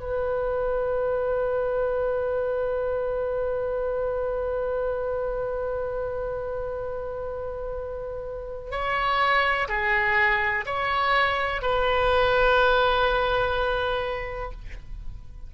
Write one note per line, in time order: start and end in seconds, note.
0.00 8.71 B4
8.71 9.68 C#5
9.68 10.65 G#4
10.65 11.62 C#5
11.62 14.52 B4